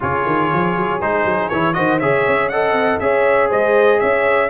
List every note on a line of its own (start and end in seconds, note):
0.00 0.26 C#3
0.00 1.00 F4
0.00 1.76 G#4
0.00 1.01 C#5
0.26 0.51 D#3
0.53 0.76 F3
0.76 1.00 F#3
1.00 1.24 G#3
1.00 1.51 D#4
1.00 1.48 C5
1.24 1.49 F#3
1.48 1.76 E3
1.48 1.73 E4
1.48 1.73 C#5
1.73 2.01 D#3
1.73 1.98 F#4
1.73 2.01 C5
1.73 1.98 D#5
1.99 2.26 C#3
1.99 2.51 G#4
1.99 2.51 C#5
1.99 2.48 E5
2.27 2.72 C#4
2.48 3.00 A4
2.48 3.01 D#5
2.48 2.98 F#5
2.72 2.97 C4
2.99 3.50 C#4
2.99 4.49 G#4
2.99 3.49 C#5
2.99 3.49 E5
3.49 4.01 G#3
3.49 3.99 C5
3.49 3.99 D#5
3.99 4.49 C#4
3.99 4.49 C#5
3.99 4.49 E5